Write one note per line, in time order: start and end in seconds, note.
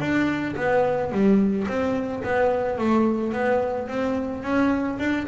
0.00 0.56 D4
0.56 1.12 B3
1.12 1.67 G3
1.68 2.23 C4
2.23 2.78 B3
2.78 3.33 A3
3.33 3.88 B3
3.88 4.43 C4
4.43 4.98 C#4
4.99 5.27 D4